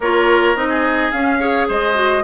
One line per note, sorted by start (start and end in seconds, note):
0.00 0.55 A#3
0.00 0.56 F4
0.00 0.68 A#4
0.00 0.56 C#5
0.55 1.11 C4
0.55 1.12 D#4
0.55 1.11 D#5
0.68 1.38 G#4
1.11 1.69 C#4
1.11 1.40 C#4
1.11 1.67 F5
1.39 1.94 G#4
1.39 1.67 C#5
1.67 2.24 G#3
1.67 2.23 C5
1.67 2.24 D#5
1.94 2.22 F#4